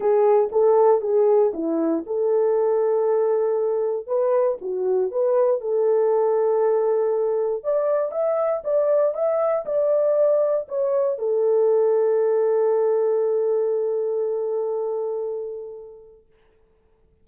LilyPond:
\new Staff \with { instrumentName = "horn" } { \time 4/4 \tempo 4 = 118 gis'4 a'4 gis'4 e'4 | a'1 | b'4 fis'4 b'4 a'4~ | a'2. d''4 |
e''4 d''4 e''4 d''4~ | d''4 cis''4 a'2~ | a'1~ | a'1 | }